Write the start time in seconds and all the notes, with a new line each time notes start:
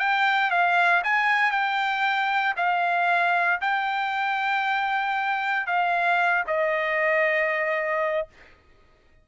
0.00 G5
0.51 F5
1.04 G#5
1.52 G5
2.57 F5
3.61 G5
5.67 F5
6.47 D#5